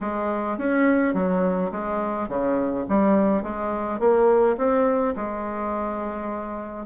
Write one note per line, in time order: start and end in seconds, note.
0.01 0.58 G#3
0.58 1.14 C#4
1.14 1.71 F#3
1.71 2.28 G#3
2.28 2.85 C#3
2.88 3.42 G3
3.42 3.99 G#3
3.99 4.56 A#3
4.57 5.14 C4
5.16 6.86 G#3